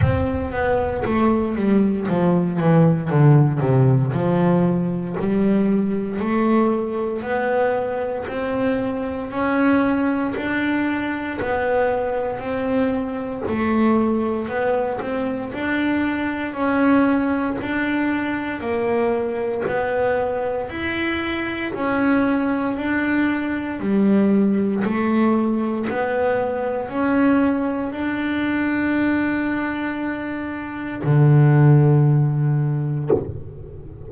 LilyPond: \new Staff \with { instrumentName = "double bass" } { \time 4/4 \tempo 4 = 58 c'8 b8 a8 g8 f8 e8 d8 c8 | f4 g4 a4 b4 | c'4 cis'4 d'4 b4 | c'4 a4 b8 c'8 d'4 |
cis'4 d'4 ais4 b4 | e'4 cis'4 d'4 g4 | a4 b4 cis'4 d'4~ | d'2 d2 | }